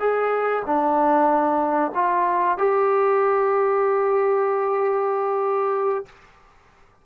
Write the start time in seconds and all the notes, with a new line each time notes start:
0.00 G#4
0.66 D4
1.95 F4
2.58 G4